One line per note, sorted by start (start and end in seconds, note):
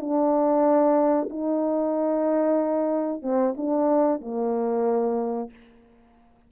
0.00 1.29 D4
1.30 3.22 D#4
3.22 3.55 C4
3.57 4.21 D4
4.21 5.50 A#3